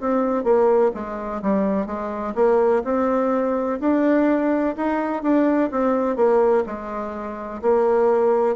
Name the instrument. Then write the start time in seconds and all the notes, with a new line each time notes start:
bassoon
0.00 C4
0.44 A#3
0.94 G#3
1.42 G3
1.86 G#3
2.35 A#3
2.84 C4
3.80 D4
4.77 D#4
5.23 D4
5.71 C4
6.16 A#3
6.66 G#3
7.61 A#3